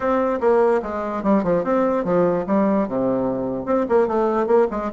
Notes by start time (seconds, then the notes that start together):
0.00 C4
0.40 A#3
0.82 G#3
1.23 G3
1.43 F3
1.63 C4
2.04 F3
2.47 G3
2.88 C3
3.65 C4
3.88 A#3
4.07 A3
4.47 A#3
4.71 G#3